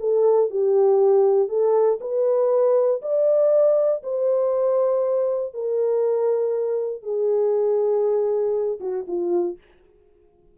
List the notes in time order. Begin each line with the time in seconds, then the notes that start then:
0.00 A4
0.50 G4
1.49 A4
2.01 B4
3.02 D5
4.03 C5
5.54 A#4
7.02 G#4
8.80 F#4
9.08 F4